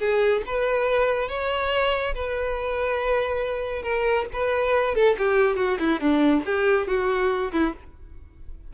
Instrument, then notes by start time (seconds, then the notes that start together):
violin
0.00 G#4
0.47 B4
1.29 C#5
2.15 B4
3.83 A#4
4.33 B4
4.96 A4
5.19 G4
5.57 F#4
5.80 E4
6.01 D4
6.46 G4
6.88 F#4
7.53 E4